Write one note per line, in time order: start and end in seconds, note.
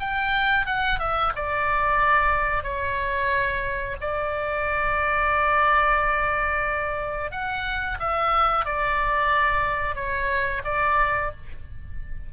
0.00 0.66 G5
0.66 0.99 F#5
0.99 1.33 E5
1.35 2.63 D5
2.63 3.97 C#5
4.01 7.31 D5
7.31 7.98 F#5
8.00 8.65 E5
8.65 9.95 D5
9.95 10.62 C#5
10.65 11.31 D5